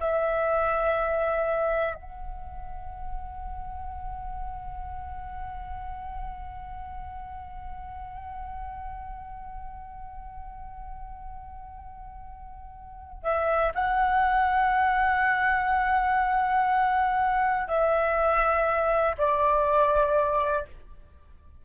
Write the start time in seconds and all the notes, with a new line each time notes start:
0.00 E5
1.95 F#5
13.23 E5
13.75 F#5
17.68 E5
19.18 D5